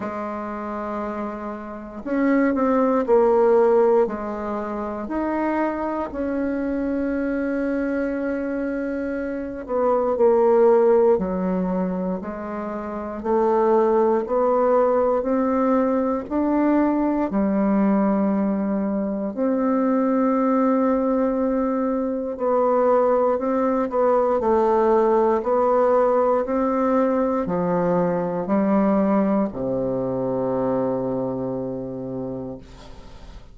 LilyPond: \new Staff \with { instrumentName = "bassoon" } { \time 4/4 \tempo 4 = 59 gis2 cis'8 c'8 ais4 | gis4 dis'4 cis'2~ | cis'4. b8 ais4 fis4 | gis4 a4 b4 c'4 |
d'4 g2 c'4~ | c'2 b4 c'8 b8 | a4 b4 c'4 f4 | g4 c2. | }